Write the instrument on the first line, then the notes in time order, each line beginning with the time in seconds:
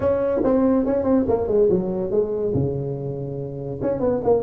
tuba
0.00 C#4
0.43 C4
0.85 C#4
1.03 C4
1.28 A#3
1.47 G#3
1.70 F#3
2.10 G#3
2.54 C#3
3.81 C#4
3.99 B3
4.23 A#3